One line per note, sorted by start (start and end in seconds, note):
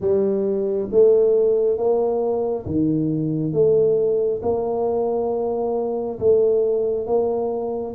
0.00 0.89 G3
0.91 1.77 A3
1.77 2.65 A#3
2.66 3.53 D#3
3.53 4.41 A3
4.42 6.18 A#3
6.19 7.06 A3
7.06 7.94 A#3